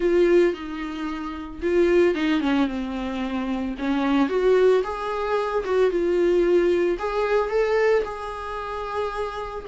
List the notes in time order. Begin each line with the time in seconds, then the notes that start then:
0.00 F4
0.53 D#4
1.62 F4
2.15 D#4
2.40 C#4
2.67 C4
3.78 C#4
4.28 F#4
4.83 G#4
5.64 F#4
5.90 F4
6.99 G#4
7.49 A4
8.04 G#4